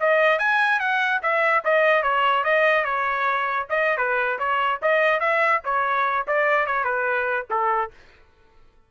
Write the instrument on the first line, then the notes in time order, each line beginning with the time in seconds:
trumpet
0.00 D#5
0.39 G#5
0.80 F#5
1.23 E5
1.64 D#5
2.03 C#5
2.44 D#5
2.84 C#5
3.70 D#5
3.97 B4
4.39 C#5
4.82 D#5
5.20 E5
5.65 C#5
6.27 D5
6.66 C#5
6.84 B4
7.50 A4